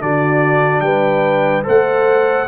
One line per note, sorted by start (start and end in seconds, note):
0.00 0.81 D3
0.00 1.63 D4
0.00 0.84 F#4
0.00 0.80 D5
0.80 1.63 G3
0.80 1.64 B4
0.80 1.62 G5
1.63 2.48 A3
1.63 2.45 A4
1.63 2.47 C5
1.63 2.48 F#5